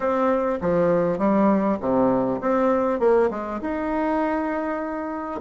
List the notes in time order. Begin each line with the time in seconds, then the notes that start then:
0.00 C4
0.61 F3
1.18 G3
1.80 C3
2.40 C4
2.99 A#3
3.30 G#3
3.61 D#4